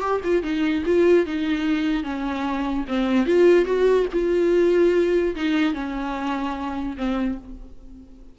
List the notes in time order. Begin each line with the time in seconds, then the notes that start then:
0.00 G4
0.24 F4
0.42 D#4
0.85 F4
1.26 D#4
2.03 C#4
2.88 C4
3.26 F4
3.65 F#4
4.12 F4
5.35 D#4
5.73 C#4
6.97 C4